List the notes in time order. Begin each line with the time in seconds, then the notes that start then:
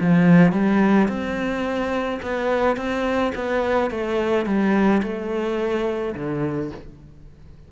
0.00 F3
0.52 G3
1.08 C4
2.22 B3
2.76 C4
3.35 B3
3.90 A3
4.46 G3
5.02 A3
6.15 D3